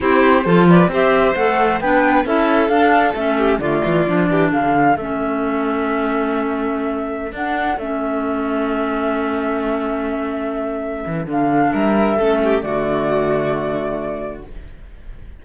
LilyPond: <<
  \new Staff \with { instrumentName = "flute" } { \time 4/4 \tempo 4 = 133 c''4. d''8 e''4 fis''4 | g''4 e''4 f''4 e''4 | d''2 f''4 e''4~ | e''1~ |
e''16 fis''4 e''2~ e''8.~ | e''1~ | e''4 f''4 e''2 | d''1 | }
  \new Staff \with { instrumentName = "violin" } { \time 4/4 g'4 a'8 b'8 c''2 | b'4 a'2~ a'8 g'8 | f'4. g'8 a'2~ | a'1~ |
a'1~ | a'1~ | a'2 ais'4 a'8 g'8 | fis'1 | }
  \new Staff \with { instrumentName = "clarinet" } { \time 4/4 e'4 f'4 g'4 a'4 | d'4 e'4 d'4 cis'4 | a4 d'2 cis'4~ | cis'1~ |
cis'16 d'4 cis'2~ cis'8.~ | cis'1~ | cis'4 d'2 cis'4 | a1 | }
  \new Staff \with { instrumentName = "cello" } { \time 4/4 c'4 f4 c'4 a4 | b4 cis'4 d'4 a4 | d8 e8 f8 e8 d4 a4~ | a1~ |
a16 d'4 a2~ a8.~ | a1~ | a8 e8 d4 g4 a4 | d1 | }
>>